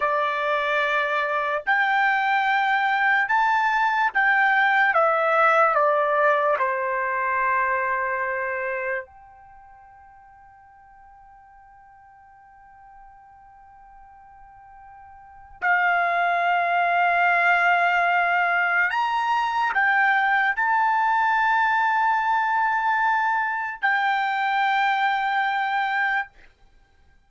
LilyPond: \new Staff \with { instrumentName = "trumpet" } { \time 4/4 \tempo 4 = 73 d''2 g''2 | a''4 g''4 e''4 d''4 | c''2. g''4~ | g''1~ |
g''2. f''4~ | f''2. ais''4 | g''4 a''2.~ | a''4 g''2. | }